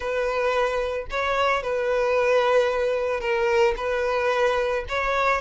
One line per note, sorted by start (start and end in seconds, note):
0.00 1.06 B4
1.10 1.62 C#5
1.62 3.20 B4
3.20 3.74 A#4
3.76 4.84 B4
4.88 5.41 C#5